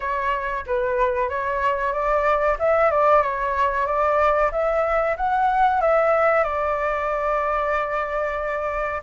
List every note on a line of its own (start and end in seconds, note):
0.00 0.65 C#5
0.66 1.29 B4
1.29 1.92 C#5
1.92 2.57 D5
2.59 2.90 E5
2.90 3.22 D5
3.22 3.86 C#5
3.86 4.50 D5
4.51 5.16 E5
5.16 5.81 F#5
5.81 6.43 E5
6.43 9.01 D5